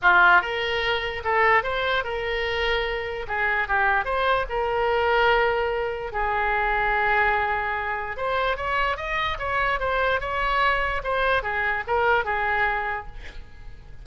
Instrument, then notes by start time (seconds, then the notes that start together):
oboe
0.02 F4
0.41 A#4
1.24 A4
1.63 C5
2.04 A#4
3.27 G#4
3.68 G4
4.04 C5
4.49 A#4
6.12 G#4
8.17 C5
8.56 C#5
8.96 D#5
9.39 C#5
9.79 C5
10.20 C#5
11.03 C5
11.42 G#4
11.87 A#4
12.24 G#4